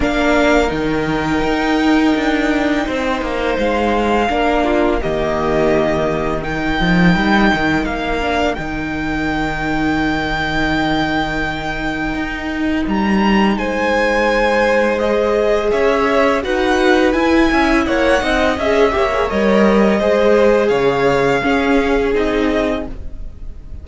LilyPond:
<<
  \new Staff \with { instrumentName = "violin" } { \time 4/4 \tempo 4 = 84 f''4 g''2.~ | g''4 f''2 dis''4~ | dis''4 g''2 f''4 | g''1~ |
g''2 ais''4 gis''4~ | gis''4 dis''4 e''4 fis''4 | gis''4 fis''4 e''4 dis''4~ | dis''4 f''2 dis''4 | }
  \new Staff \with { instrumentName = "violin" } { \time 4/4 ais'1 | c''2 ais'8 f'8 g'4~ | g'4 ais'2.~ | ais'1~ |
ais'2. c''4~ | c''2 cis''4 b'4~ | b'8 e''8 cis''8 dis''4 cis''4. | c''4 cis''4 gis'2 | }
  \new Staff \with { instrumentName = "viola" } { \time 4/4 d'4 dis'2.~ | dis'2 d'4 ais4~ | ais4 dis'2~ dis'8 d'8 | dis'1~ |
dis'1~ | dis'4 gis'2 fis'4 | e'4. dis'8 gis'8 g'16 gis'16 ais'4 | gis'2 cis'4 dis'4 | }
  \new Staff \with { instrumentName = "cello" } { \time 4/4 ais4 dis4 dis'4 d'4 | c'8 ais8 gis4 ais4 dis4~ | dis4. f8 g8 dis8 ais4 | dis1~ |
dis4 dis'4 g4 gis4~ | gis2 cis'4 dis'4 | e'8 cis'8 ais8 c'8 cis'8 ais8 g4 | gis4 cis4 cis'4 c'4 | }
>>